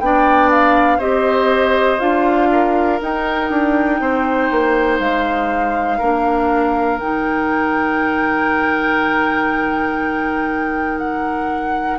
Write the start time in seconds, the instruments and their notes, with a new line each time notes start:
0.00 bassoon B3, clarinet D4, oboe D5, flute G5
0.51 flute F5
0.98 bassoon C4, clarinet G4, oboe C5, flute D#5
1.99 bassoon D4, clarinet F4, flute F5
2.52 oboe A#4
3.01 bassoon D#4, clarinet D#4, flute G5
3.50 bassoon D4
4.00 bassoon C4, oboe C5
4.51 bassoon A#3
4.99 bassoon G#3, flute F5
5.98 bassoon A#3, clarinet D4, oboe A#4
6.99 bassoon D#3, clarinet D#4, flute G5
10.99 flute F#5